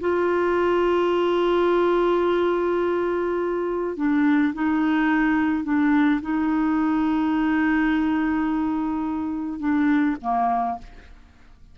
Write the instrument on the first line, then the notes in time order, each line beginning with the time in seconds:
clarinet
0.00 F4
3.96 D4
4.54 D#4
5.63 D4
6.21 D#4
9.59 D4
10.21 A#3